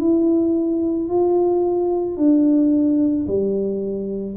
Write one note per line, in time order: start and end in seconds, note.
0.00 1.09 E4
1.09 2.17 F4
2.17 3.26 D4
3.27 4.36 G3